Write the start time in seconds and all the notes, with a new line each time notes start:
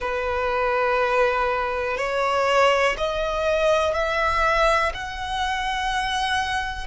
0.00 B4
1.97 C#5
2.97 D#5
3.93 E5
4.94 F#5